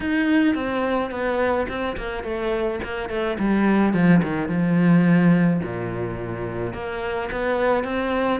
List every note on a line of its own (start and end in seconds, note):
0.00 0.55 D#4
0.55 1.10 C4
1.10 1.66 B3
1.68 1.96 C4
1.96 2.23 A#3
2.23 2.79 A3
2.83 3.09 A#3
3.09 3.37 A3
3.38 3.93 G3
3.93 4.21 F3
4.22 4.48 D#3
4.48 5.60 F3
5.62 6.73 A#2
6.73 7.29 A#3
7.30 7.84 B3
7.84 8.40 C4